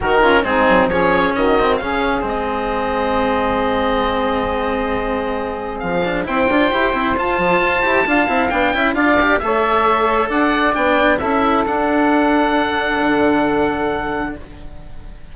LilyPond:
<<
  \new Staff \with { instrumentName = "oboe" } { \time 4/4 \tempo 4 = 134 ais'4 gis'4 cis''4 dis''4 | f''4 dis''2.~ | dis''1~ | dis''4 f''4 g''2 |
a''2. g''4 | f''4 e''2 fis''4 | g''4 e''4 fis''2~ | fis''1 | }
  \new Staff \with { instrumentName = "saxophone" } { \time 4/4 fis'8 f'8 dis'4 gis'4 fis'4 | gis'1~ | gis'1~ | gis'2 c''2~ |
c''2 f''4. e''8 | d''4 cis''2 d''4~ | d''4 a'2.~ | a'1 | }
  \new Staff \with { instrumentName = "cello" } { \time 4/4 dis'8 cis'8 c'4 cis'4. c'8 | cis'4 c'2.~ | c'1~ | c'4. d'8 e'8 f'8 g'8 e'8 |
f'4. g'8 f'8 e'8 d'8 e'8 | f'8 g'8 a'2. | d'4 e'4 d'2~ | d'1 | }
  \new Staff \with { instrumentName = "bassoon" } { \time 4/4 dis4 gis8 fis8 f4 dis4 | cis4 gis2.~ | gis1~ | gis4 f4 c'8 d'8 e'8 c'8 |
f'8 f8 f'8 e'8 d'8 c'8 b8 cis'8 | d'4 a2 d'4 | b4 cis'4 d'2~ | d'4 d2. | }
>>